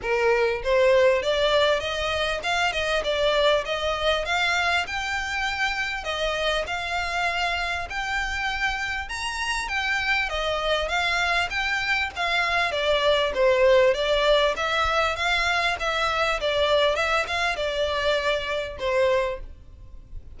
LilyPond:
\new Staff \with { instrumentName = "violin" } { \time 4/4 \tempo 4 = 99 ais'4 c''4 d''4 dis''4 | f''8 dis''8 d''4 dis''4 f''4 | g''2 dis''4 f''4~ | f''4 g''2 ais''4 |
g''4 dis''4 f''4 g''4 | f''4 d''4 c''4 d''4 | e''4 f''4 e''4 d''4 | e''8 f''8 d''2 c''4 | }